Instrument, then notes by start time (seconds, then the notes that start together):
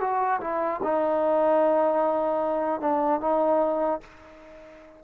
trombone
0.00 F#4
0.41 E4
0.83 D#4
2.81 D4
3.21 D#4